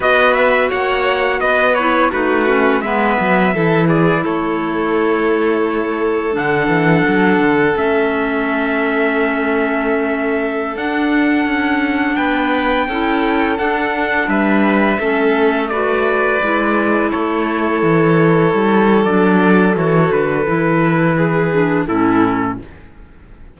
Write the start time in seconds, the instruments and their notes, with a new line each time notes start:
0.00 cello B3, clarinet F#4, violin B4, trumpet D#5
0.33 trumpet E5
0.69 cello A#3, violin C#5, trumpet F#5
1.40 cello B3, violin B4, trumpet D#5
1.74 clarinet E4, trumpet C#5
2.11 cello A3, clarinet D#4, violin F#4, trumpet B4
2.46 clarinet C#4
2.81 cello G#3, clarinet B3, violin B4, trumpet E5
3.19 cello F#3
3.54 cello E3, clarinet E4, violin A4
3.87 violin G#4, trumpet D5
4.23 cello A3, violin A4, trumpet C#5
6.32 cello D3, clarinet D4, trumpet F#5
6.67 cello E3
7.08 cello F#3
7.39 cello D3
7.76 cello A3, clarinet C#4, trumpet E5
10.75 cello D4, clarinet D4, trumpet F#5
11.45 cello C#4
12.15 cello B3, violin B4, trumpet G5
12.88 cello C#4, clarinet E4, violin A4
13.57 clarinet D4, cello D4, trumpet F#5
14.27 cello G3, violin B4, trumpet E5
14.99 cello A3, clarinet C#4, violin A4
15.68 clarinet F#4, violin B4, trumpet D5
16.41 cello G#3, clarinet E4
17.10 cello A3, violin A4, trumpet C#5
17.82 cello E3
18.53 cello G3
19.04 cello F#3, clarinet D4, trumpet D5
19.73 cello E3, clarinet F#4, trumpet C#5
20.11 cello D3, trumpet B4
20.46 cello E3, clarinet E4
21.16 violin G#4
21.52 clarinet D4
21.86 cello A2, clarinet C#4, violin E4, trumpet A4